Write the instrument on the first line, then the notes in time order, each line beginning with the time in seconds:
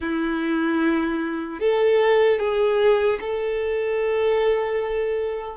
violin
0.00 E4
1.59 A4
2.39 G#4
3.20 A4